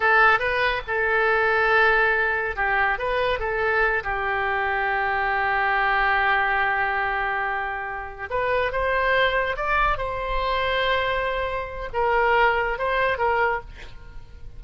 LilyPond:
\new Staff \with { instrumentName = "oboe" } { \time 4/4 \tempo 4 = 141 a'4 b'4 a'2~ | a'2 g'4 b'4 | a'4. g'2~ g'8~ | g'1~ |
g'2.~ g'8 b'8~ | b'8 c''2 d''4 c''8~ | c''1 | ais'2 c''4 ais'4 | }